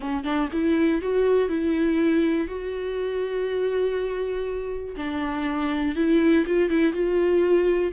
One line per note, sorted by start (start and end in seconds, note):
0.00 0.24 C#4
0.24 0.48 D4
0.52 1.01 E4
1.01 1.49 F#4
1.49 2.47 E4
2.47 4.95 F#4
4.96 5.95 D4
5.95 6.45 E4
6.46 6.69 F4
6.69 6.93 E4
6.93 7.92 F4